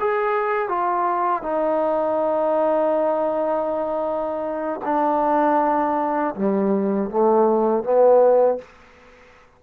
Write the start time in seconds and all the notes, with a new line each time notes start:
0.00 G#4
0.69 F4
1.43 D#4
4.85 D4
6.35 G3
7.10 A3
7.84 B3